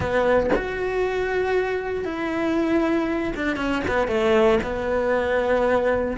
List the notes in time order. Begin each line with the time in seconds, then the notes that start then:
0.00 B3
0.55 F#4
2.05 E4
3.36 D4
3.56 C#4
3.87 B3
4.07 A3
4.63 B3